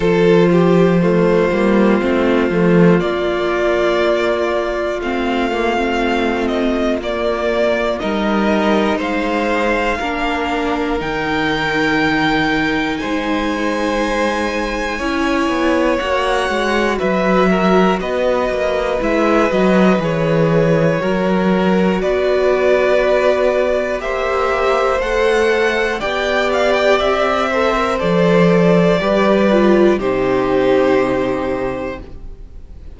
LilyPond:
<<
  \new Staff \with { instrumentName = "violin" } { \time 4/4 \tempo 4 = 60 c''2. d''4~ | d''4 f''4. dis''8 d''4 | dis''4 f''2 g''4~ | g''4 gis''2. |
fis''4 e''4 dis''4 e''8 dis''8 | cis''2 d''2 | e''4 fis''4 g''8 f''16 g''16 e''4 | d''2 c''2 | }
  \new Staff \with { instrumentName = "violin" } { \time 4/4 a'8 g'8 f'2.~ | f'1 | ais'4 c''4 ais'2~ | ais'4 c''2 cis''4~ |
cis''4 b'8 ais'8 b'2~ | b'4 ais'4 b'2 | c''2 d''4. c''8~ | c''4 b'4 g'2 | }
  \new Staff \with { instrumentName = "viola" } { \time 4/4 f'4 a8 ais8 c'8 a8 ais4~ | ais4 c'8 ais16 c'4~ c'16 ais4 | dis'2 d'4 dis'4~ | dis'2. e'4 |
fis'2. e'8 fis'8 | gis'4 fis'2. | g'4 a'4 g'4. a'16 ais'16 | a'4 g'8 f'8 dis'2 | }
  \new Staff \with { instrumentName = "cello" } { \time 4/4 f4. g8 a8 f8 ais4~ | ais4 a2 ais4 | g4 gis4 ais4 dis4~ | dis4 gis2 cis'8 b8 |
ais8 gis8 fis4 b8 ais8 gis8 fis8 | e4 fis4 b2 | ais4 a4 b4 c'4 | f4 g4 c2 | }
>>